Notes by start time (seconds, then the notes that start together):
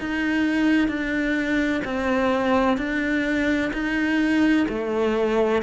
0.00 D#4
0.88 D4
1.85 C4
2.77 D4
3.73 D#4
4.69 A3